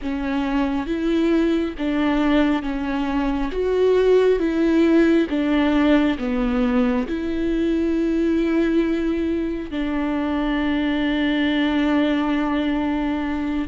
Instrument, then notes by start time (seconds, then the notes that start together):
viola
0.02 C#4
0.86 E4
1.78 D4
2.62 C#4
3.51 F#4
4.39 E4
5.29 D4
6.18 B3
7.07 E4
9.71 D4